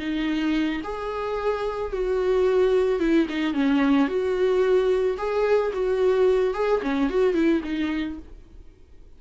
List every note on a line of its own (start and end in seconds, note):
0.00 0.82 D#4
0.84 1.93 G#4
1.93 3.00 F#4
3.00 3.27 E4
3.30 3.54 D#4
3.54 4.08 C#4
4.08 5.17 F#4
5.18 5.72 G#4
5.73 6.54 F#4
6.54 6.82 G#4
6.83 7.10 C#4
7.10 7.34 F#4
7.34 7.62 E4
7.64 8.19 D#4